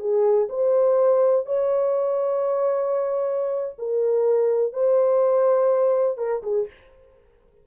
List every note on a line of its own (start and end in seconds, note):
0.00 0.48 G#4
0.50 1.46 C5
1.46 3.76 C#5
3.79 4.73 A#4
4.73 6.18 C5
6.18 6.42 A#4
6.43 6.67 G#4